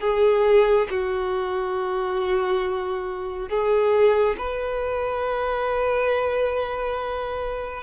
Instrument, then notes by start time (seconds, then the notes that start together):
violin
0.00 G#4
0.90 F#4
3.49 G#4
4.37 B4